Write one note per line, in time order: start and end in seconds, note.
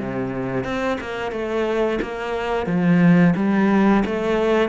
0.00 0.65 C3
0.65 0.98 C4
1.01 1.32 A#3
1.32 1.99 A3
2.02 2.67 A#3
2.67 3.35 F3
3.36 4.04 G3
4.06 4.70 A3